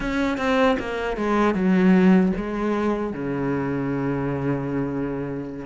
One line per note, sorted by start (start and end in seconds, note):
0.00 0.37 C#4
0.37 0.76 C4
0.79 1.17 A#3
1.17 1.54 G#3
1.54 2.32 F#3
2.36 3.13 G#3
3.13 5.65 C#3